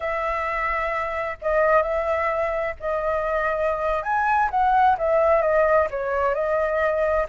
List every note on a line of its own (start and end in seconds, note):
0.00 1.37 E5
1.41 1.82 D#5
1.82 2.74 E5
2.79 4.03 D#5
4.03 4.49 G#5
4.50 4.96 F#5
4.97 5.41 E5
5.41 5.87 D#5
5.90 6.34 C#5
6.34 7.26 D#5